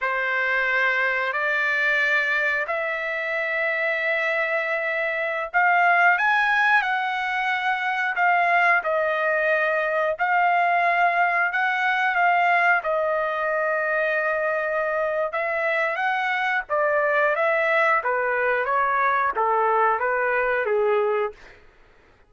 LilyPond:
\new Staff \with { instrumentName = "trumpet" } { \time 4/4 \tempo 4 = 90 c''2 d''2 | e''1~ | e''16 f''4 gis''4 fis''4.~ fis''16~ | fis''16 f''4 dis''2 f''8.~ |
f''4~ f''16 fis''4 f''4 dis''8.~ | dis''2. e''4 | fis''4 d''4 e''4 b'4 | cis''4 a'4 b'4 gis'4 | }